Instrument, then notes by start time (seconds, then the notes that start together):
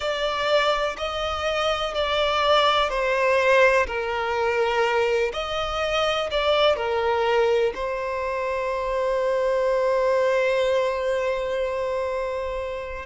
violin
0.00 D5
0.97 D#5
1.94 D5
2.89 C5
3.86 A#4
5.33 D#5
6.30 D5
6.76 A#4
7.74 C5